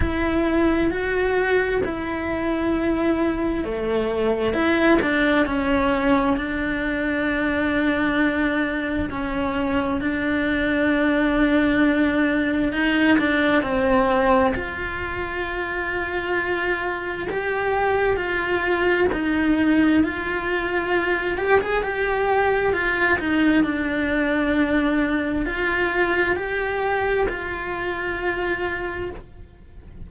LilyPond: \new Staff \with { instrumentName = "cello" } { \time 4/4 \tempo 4 = 66 e'4 fis'4 e'2 | a4 e'8 d'8 cis'4 d'4~ | d'2 cis'4 d'4~ | d'2 dis'8 d'8 c'4 |
f'2. g'4 | f'4 dis'4 f'4. g'16 gis'16 | g'4 f'8 dis'8 d'2 | f'4 g'4 f'2 | }